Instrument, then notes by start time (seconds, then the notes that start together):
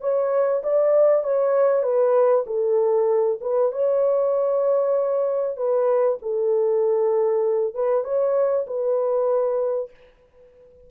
horn
0.00 C#5
0.63 D5
1.23 C#5
1.82 B4
2.46 A4
3.40 B4
3.72 C#5
5.56 B4
6.21 A4
7.74 B4
8.04 C#5
8.67 B4